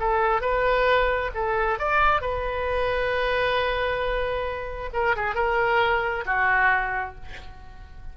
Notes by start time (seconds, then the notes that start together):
0.00 A4
0.42 B4
1.35 A4
1.79 D5
2.21 B4
4.94 A#4
5.17 G#4
5.35 A#4
6.26 F#4